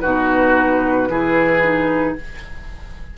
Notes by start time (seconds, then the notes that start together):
0.00 B2 D#4 F#4 B4
1.09 E3 E4 G#4
1.62 D#4